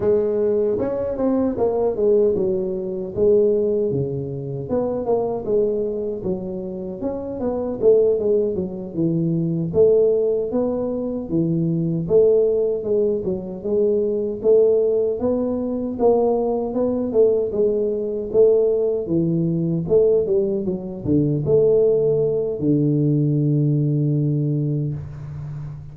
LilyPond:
\new Staff \with { instrumentName = "tuba" } { \time 4/4 \tempo 4 = 77 gis4 cis'8 c'8 ais8 gis8 fis4 | gis4 cis4 b8 ais8 gis4 | fis4 cis'8 b8 a8 gis8 fis8 e8~ | e8 a4 b4 e4 a8~ |
a8 gis8 fis8 gis4 a4 b8~ | b8 ais4 b8 a8 gis4 a8~ | a8 e4 a8 g8 fis8 d8 a8~ | a4 d2. | }